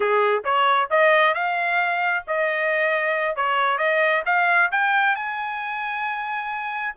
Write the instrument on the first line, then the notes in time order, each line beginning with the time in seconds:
trumpet
0.00 G#4
0.44 C#5
0.90 D#5
1.34 F5
2.27 D#5
3.36 C#5
3.78 D#5
4.25 F5
4.71 G5
5.15 G#5